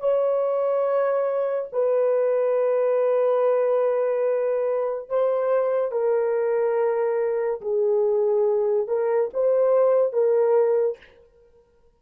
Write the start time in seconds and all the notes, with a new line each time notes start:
0.00 C#5
1.73 B4
5.09 C5
5.92 A#4
7.62 G#4
8.88 A#4
9.34 C5
10.13 A#4